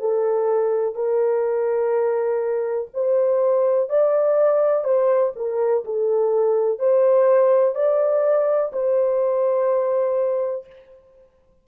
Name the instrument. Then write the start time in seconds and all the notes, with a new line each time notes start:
horn
0.00 A4
0.95 A#4
2.94 C5
3.90 D5
4.85 C5
5.37 A#4
5.85 A4
6.80 C5
7.76 D5
8.73 C5